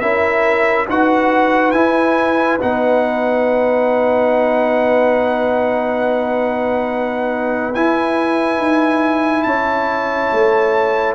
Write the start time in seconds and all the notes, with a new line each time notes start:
0.00 C#4 E4 A#4 E5
0.89 D#4 F#4 B4 F#5
1.71 E4 G#5
2.60 B3 D#4 F#5
7.74 E4 G#5
8.58 D#4
9.42 C#4 C#5 A5
10.32 A3